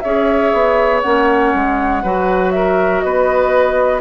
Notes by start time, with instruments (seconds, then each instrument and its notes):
0.00 bassoon C#4, clarinet G#4, oboe C#5, flute E5
0.53 bassoon B3
1.01 bassoon A#3, clarinet C#4, flute F#5
1.54 bassoon G#3
2.03 bassoon F#3, clarinet F#4, oboe B4
2.51 oboe A#4, flute E5
3.00 bassoon B3, oboe B4, flute D#5